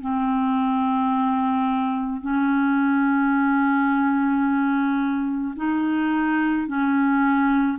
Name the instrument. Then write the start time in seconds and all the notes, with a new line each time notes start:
clarinet
0.00 C4
2.21 C#4
5.56 D#4
6.67 C#4